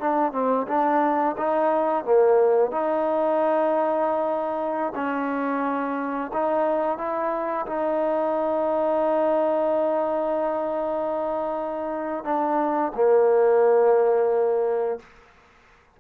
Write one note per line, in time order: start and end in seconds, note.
0.00 0.33 D4
0.33 0.67 C4
0.68 1.36 D4
1.38 2.05 D#4
2.05 2.72 A#3
2.72 4.93 D#4
4.95 6.32 C#4
6.33 6.98 D#4
6.98 7.66 E4
7.66 12.24 D#4
12.24 12.92 D4
12.95 14.99 A#3